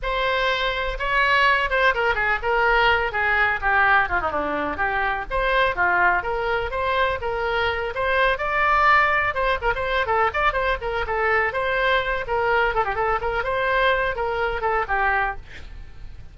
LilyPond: \new Staff \with { instrumentName = "oboe" } { \time 4/4 \tempo 4 = 125 c''2 cis''4. c''8 | ais'8 gis'8 ais'4. gis'4 g'8~ | g'8 f'16 dis'16 d'4 g'4 c''4 | f'4 ais'4 c''4 ais'4~ |
ais'8 c''4 d''2 c''8 | ais'16 c''8. a'8 d''8 c''8 ais'8 a'4 | c''4. ais'4 a'16 g'16 a'8 ais'8 | c''4. ais'4 a'8 g'4 | }